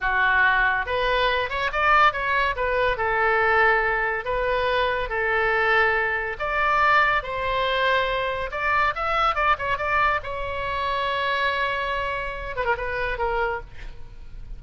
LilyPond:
\new Staff \with { instrumentName = "oboe" } { \time 4/4 \tempo 4 = 141 fis'2 b'4. cis''8 | d''4 cis''4 b'4 a'4~ | a'2 b'2 | a'2. d''4~ |
d''4 c''2. | d''4 e''4 d''8 cis''8 d''4 | cis''1~ | cis''4. b'16 ais'16 b'4 ais'4 | }